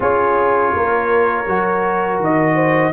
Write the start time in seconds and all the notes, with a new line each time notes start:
0.00 C#4 F4 G#4 C#5
0.73 A#3 A#4
1.46 F#3 F#4
2.19 D#3 D#5
2.54 C5